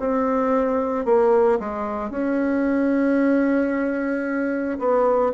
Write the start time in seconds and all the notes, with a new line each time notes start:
0.00 C4
1.06 A#3
1.60 G#3
2.11 C#4
4.79 B3